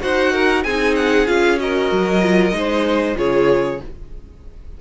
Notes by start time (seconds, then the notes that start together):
0.00 D#4 F#4 C5 F#5
0.32 A#4
0.63 C4 D#4 G#4 G#5
0.95 F#5
1.26 C#4 F4 F5
1.57 F#4 A#4 D#5
1.91 F#3
2.22 F4
2.52 G#3 D#4 C5
3.15 C#3 F4 G#4 C#5